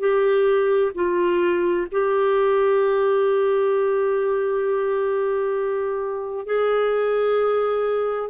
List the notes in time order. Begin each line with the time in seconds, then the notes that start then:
0.00 G4
0.95 F4
1.92 G4
6.46 G#4